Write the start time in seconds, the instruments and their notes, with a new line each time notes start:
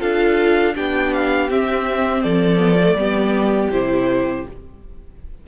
0.00 cello D4, viola F4, violin A4 F5
0.75 cello B3, viola D4, violin G4 G5
1.13 violin F5
1.49 viola C4, cello C4, violin E5
2.23 cello F3, violin A4 D5
2.58 viola B3
2.81 viola A3
2.94 cello G3, viola B3, violin G4
3.71 cello C3, viola E4, violin C5